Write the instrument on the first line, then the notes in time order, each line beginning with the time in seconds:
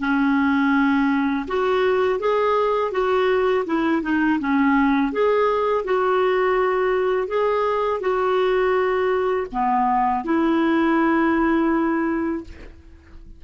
clarinet
0.00 C#4
1.48 F#4
2.20 G#4
2.92 F#4
3.66 E4
4.03 D#4
4.40 C#4
5.13 G#4
5.85 F#4
7.28 G#4
8.01 F#4
9.53 B3
10.25 E4